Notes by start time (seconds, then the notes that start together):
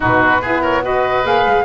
0.00 B2 D#4 F#4 B4
0.41 B3 E4 G#4
0.61 A#4 C#5
0.82 F#4 B4 D#5
1.23 A#3 G#4 F5
1.45 G#3